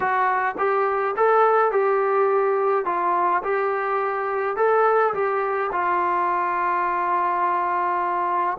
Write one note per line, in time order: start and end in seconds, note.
0.00 0.55 F#4
0.58 1.15 G4
1.16 1.71 A4
1.71 2.85 G4
2.85 3.42 F4
3.43 4.56 G4
4.56 5.13 A4
5.14 5.71 G4
5.71 8.57 F4